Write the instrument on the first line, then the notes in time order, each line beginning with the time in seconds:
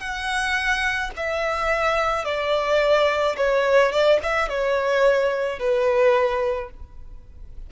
violin
0.00 F#5
1.17 E5
2.25 D5
3.37 C#5
3.92 D5
4.23 E5
4.49 C#5
5.59 B4